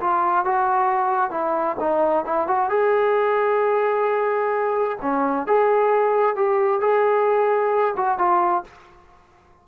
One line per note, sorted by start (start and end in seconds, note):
0.00 0.45 F4
0.45 1.31 F#4
1.31 1.76 E4
1.80 2.25 D#4
2.25 2.47 E4
2.47 2.69 F#4
2.69 4.98 G#4
5.01 5.47 C#4
5.47 6.36 G#4
6.36 6.80 G4
6.80 7.95 G#4
7.97 8.18 F#4
8.18 8.64 F4